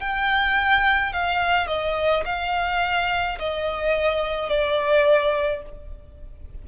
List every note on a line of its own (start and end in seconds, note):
0.00 1.13 G5
1.13 1.67 F5
1.67 2.24 D#5
2.25 3.39 F5
3.39 4.49 D#5
4.49 5.62 D5